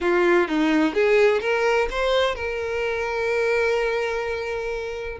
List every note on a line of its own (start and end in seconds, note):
0.01 0.48 F4
0.48 0.94 D#4
0.94 1.40 G#4
1.40 1.88 A#4
1.90 2.35 C5
2.35 5.18 A#4